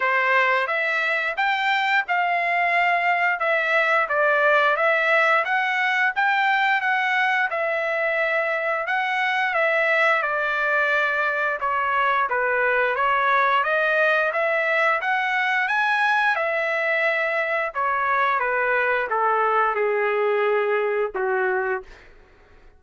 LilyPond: \new Staff \with { instrumentName = "trumpet" } { \time 4/4 \tempo 4 = 88 c''4 e''4 g''4 f''4~ | f''4 e''4 d''4 e''4 | fis''4 g''4 fis''4 e''4~ | e''4 fis''4 e''4 d''4~ |
d''4 cis''4 b'4 cis''4 | dis''4 e''4 fis''4 gis''4 | e''2 cis''4 b'4 | a'4 gis'2 fis'4 | }